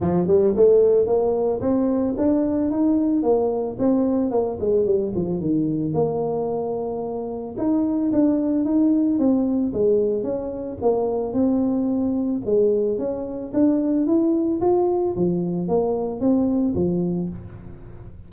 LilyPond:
\new Staff \with { instrumentName = "tuba" } { \time 4/4 \tempo 4 = 111 f8 g8 a4 ais4 c'4 | d'4 dis'4 ais4 c'4 | ais8 gis8 g8 f8 dis4 ais4~ | ais2 dis'4 d'4 |
dis'4 c'4 gis4 cis'4 | ais4 c'2 gis4 | cis'4 d'4 e'4 f'4 | f4 ais4 c'4 f4 | }